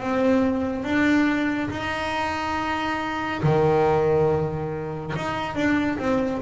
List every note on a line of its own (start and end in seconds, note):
0.00 0.84 C4
0.84 1.70 D4
1.70 3.42 D#4
3.43 5.14 D#3
5.16 5.55 D#4
5.55 5.98 D4
5.99 6.42 C4